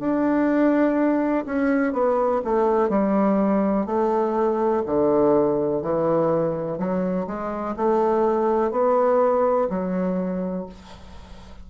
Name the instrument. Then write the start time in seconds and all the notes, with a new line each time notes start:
bassoon
0.00 D4
1.46 C#4
1.93 B3
2.45 A3
2.89 G3
3.86 A3
4.86 D3
5.82 E3
6.78 F#3
7.27 G#3
7.76 A3
8.71 B3
9.70 F#3